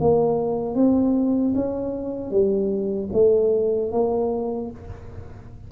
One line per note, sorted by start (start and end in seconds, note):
0.00 0.75 A#3
0.75 1.54 C4
1.55 2.30 C#4
2.30 3.09 G3
3.13 3.92 A3
3.92 4.70 A#3